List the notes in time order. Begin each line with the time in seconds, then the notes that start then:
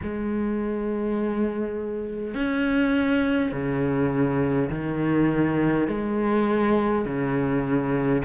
0.02 G#3
2.34 C#4
3.52 C#3
4.70 D#3
5.87 G#3
7.05 C#3